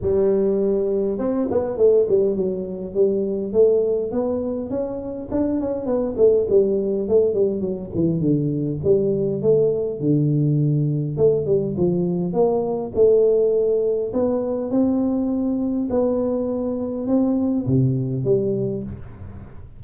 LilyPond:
\new Staff \with { instrumentName = "tuba" } { \time 4/4 \tempo 4 = 102 g2 c'8 b8 a8 g8 | fis4 g4 a4 b4 | cis'4 d'8 cis'8 b8 a8 g4 | a8 g8 fis8 e8 d4 g4 |
a4 d2 a8 g8 | f4 ais4 a2 | b4 c'2 b4~ | b4 c'4 c4 g4 | }